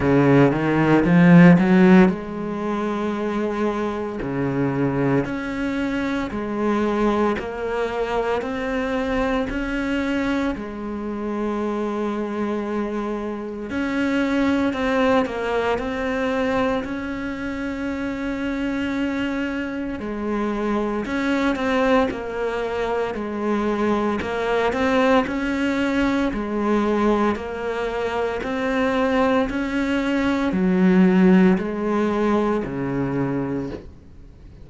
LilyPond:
\new Staff \with { instrumentName = "cello" } { \time 4/4 \tempo 4 = 57 cis8 dis8 f8 fis8 gis2 | cis4 cis'4 gis4 ais4 | c'4 cis'4 gis2~ | gis4 cis'4 c'8 ais8 c'4 |
cis'2. gis4 | cis'8 c'8 ais4 gis4 ais8 c'8 | cis'4 gis4 ais4 c'4 | cis'4 fis4 gis4 cis4 | }